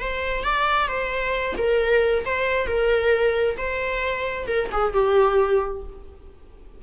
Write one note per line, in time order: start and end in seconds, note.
0.00 0.44 C5
0.44 0.88 D5
0.88 1.55 C5
1.57 2.24 A#4
2.25 2.66 C5
2.66 3.56 A#4
3.57 4.47 C5
4.47 4.69 A#4
4.72 4.93 G#4
4.93 5.82 G4